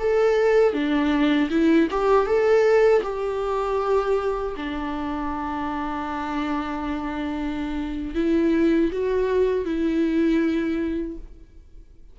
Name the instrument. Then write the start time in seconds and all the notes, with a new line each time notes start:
viola
0.00 A4
0.74 D4
1.51 E4
1.91 G4
2.27 A4
3.03 G4
4.57 D4
8.15 E4
8.92 F#4
9.66 E4